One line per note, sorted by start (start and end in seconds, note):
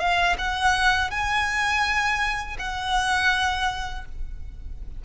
0.00 0.37 F5
0.38 1.11 F#5
1.11 2.57 G#5
2.59 4.05 F#5